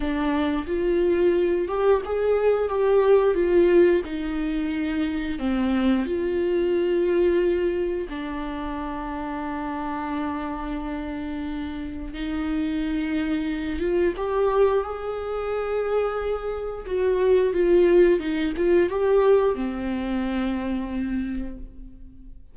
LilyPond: \new Staff \with { instrumentName = "viola" } { \time 4/4 \tempo 4 = 89 d'4 f'4. g'8 gis'4 | g'4 f'4 dis'2 | c'4 f'2. | d'1~ |
d'2 dis'2~ | dis'8 f'8 g'4 gis'2~ | gis'4 fis'4 f'4 dis'8 f'8 | g'4 c'2. | }